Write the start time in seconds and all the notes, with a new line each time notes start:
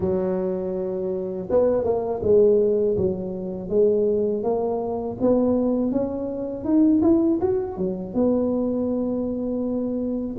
0.00 F#3
1.50 B3
1.84 A#3
2.22 G#3
2.97 F#3
3.69 G#3
4.43 A#3
5.21 B3
5.91 C#4
6.64 D#4
7.02 E4
7.41 F#4
7.77 F#3
8.13 B3